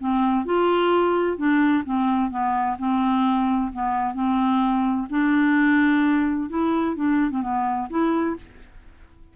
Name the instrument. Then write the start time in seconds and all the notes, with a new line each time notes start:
clarinet
0.00 C4
0.46 F4
1.38 D4
1.86 C4
2.31 B3
2.79 C4
3.73 B3
4.15 C4
5.10 D4
6.50 E4
6.96 D4
7.31 C4
7.42 B3
7.90 E4